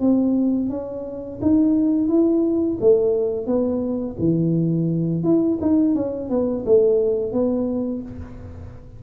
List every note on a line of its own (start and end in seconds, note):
0.00 0.69 C4
0.69 1.39 C#4
1.41 2.08 D#4
2.08 2.78 E4
2.80 3.46 A3
3.46 4.16 B3
4.19 5.23 E3
5.23 5.58 E4
5.61 5.95 D#4
5.95 6.29 C#4
6.29 6.64 B3
6.65 7.32 A3
7.32 8.02 B3